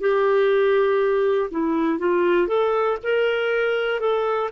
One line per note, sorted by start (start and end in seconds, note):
0.00 1.50 G4
1.50 1.99 E4
1.99 2.48 F4
2.48 2.98 A4
3.03 4.00 A#4
4.00 4.50 A4